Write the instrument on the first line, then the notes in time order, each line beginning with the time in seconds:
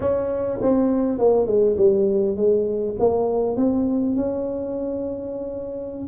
tuba
0.00 C#4
0.61 C4
1.18 A#3
1.46 G#3
1.77 G3
2.36 G#3
2.99 A#3
3.56 C4
4.16 C#4